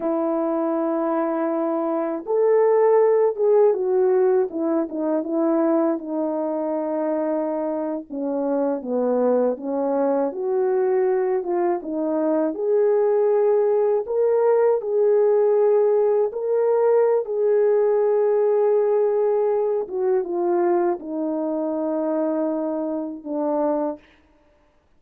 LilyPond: \new Staff \with { instrumentName = "horn" } { \time 4/4 \tempo 4 = 80 e'2. a'4~ | a'8 gis'8 fis'4 e'8 dis'8 e'4 | dis'2~ dis'8. cis'4 b16~ | b8. cis'4 fis'4. f'8 dis'16~ |
dis'8. gis'2 ais'4 gis'16~ | gis'4.~ gis'16 ais'4~ ais'16 gis'4~ | gis'2~ gis'8 fis'8 f'4 | dis'2. d'4 | }